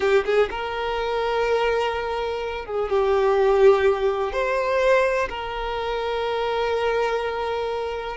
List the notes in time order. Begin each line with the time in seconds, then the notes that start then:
0.00 G4
0.25 G#4
0.50 A#4
2.65 G#4
2.89 G4
4.32 C5
5.29 A#4